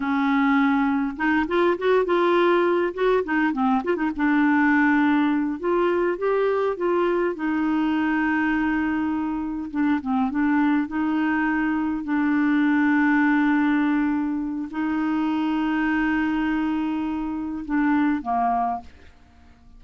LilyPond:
\new Staff \with { instrumentName = "clarinet" } { \time 4/4 \tempo 4 = 102 cis'2 dis'8 f'8 fis'8 f'8~ | f'4 fis'8 dis'8 c'8 f'16 dis'16 d'4~ | d'4. f'4 g'4 f'8~ | f'8 dis'2.~ dis'8~ |
dis'8 d'8 c'8 d'4 dis'4.~ | dis'8 d'2.~ d'8~ | d'4 dis'2.~ | dis'2 d'4 ais4 | }